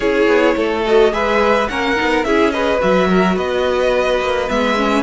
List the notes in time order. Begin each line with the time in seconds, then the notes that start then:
0.00 C#4 E4 G#4 C#5
0.27 B3
0.56 A3 A4
0.86 F#4 D#5
1.12 G#3 G#4 B4 E5
1.67 A#3 C#4 A#4 F#5
1.96 B3 D#4
2.24 C#4 E4 G#4 E5
2.50 G#4 B4 D#5
2.80 F#3 F#4 E5
3.08 A#4
3.35 B3 B4 D#5
4.20 A#3
4.48 G#3 B3 E5
4.76 C#4